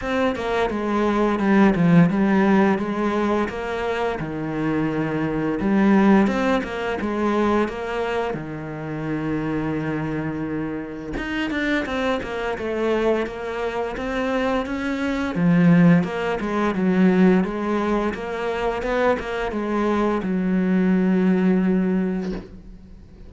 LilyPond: \new Staff \with { instrumentName = "cello" } { \time 4/4 \tempo 4 = 86 c'8 ais8 gis4 g8 f8 g4 | gis4 ais4 dis2 | g4 c'8 ais8 gis4 ais4 | dis1 |
dis'8 d'8 c'8 ais8 a4 ais4 | c'4 cis'4 f4 ais8 gis8 | fis4 gis4 ais4 b8 ais8 | gis4 fis2. | }